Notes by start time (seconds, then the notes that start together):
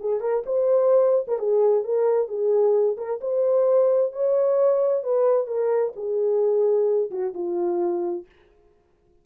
0.00 G#4
0.20 A#4
0.46 C5
1.28 A#4
1.39 G#4
1.84 A#4
2.28 G#4
2.97 A#4
3.21 C5
4.12 C#5
5.03 B4
5.47 A#4
5.96 G#4
7.11 F#4
7.34 F4